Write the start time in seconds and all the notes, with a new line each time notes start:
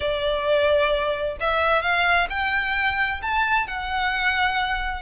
0.00 D5
1.40 E5
1.82 F5
2.29 G5
3.22 A5
3.67 F#5